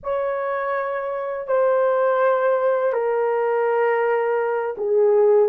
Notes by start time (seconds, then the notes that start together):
0.03 C#5
1.47 C5
2.92 A#4
4.77 G#4